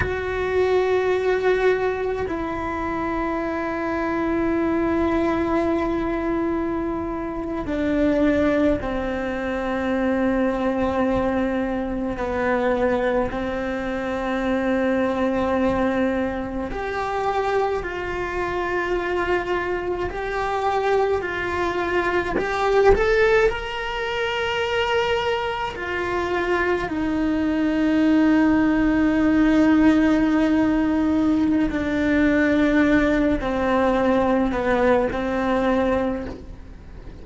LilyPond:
\new Staff \with { instrumentName = "cello" } { \time 4/4 \tempo 4 = 53 fis'2 e'2~ | e'2~ e'8. d'4 c'16~ | c'2~ c'8. b4 c'16~ | c'2~ c'8. g'4 f'16~ |
f'4.~ f'16 g'4 f'4 g'16~ | g'16 a'8 ais'2 f'4 dis'16~ | dis'1 | d'4. c'4 b8 c'4 | }